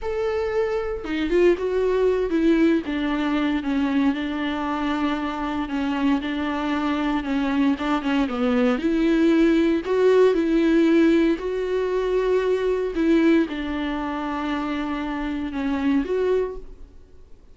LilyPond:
\new Staff \with { instrumentName = "viola" } { \time 4/4 \tempo 4 = 116 a'2 dis'8 f'8 fis'4~ | fis'8 e'4 d'4. cis'4 | d'2. cis'4 | d'2 cis'4 d'8 cis'8 |
b4 e'2 fis'4 | e'2 fis'2~ | fis'4 e'4 d'2~ | d'2 cis'4 fis'4 | }